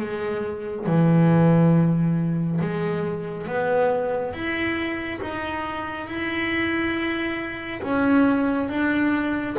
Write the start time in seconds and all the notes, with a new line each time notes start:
0.00 G#3
0.87 E3
2.61 G#3
3.47 B3
4.34 E4
5.22 D#4
6.08 E4
7.83 C#4
8.69 D4